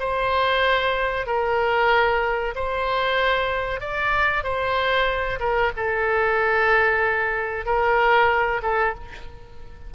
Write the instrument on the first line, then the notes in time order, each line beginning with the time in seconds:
oboe
0.00 C5
1.27 A#4
2.56 C5
3.81 D5
4.44 C5
5.40 A#4
5.77 A4
7.66 A#4
8.63 A4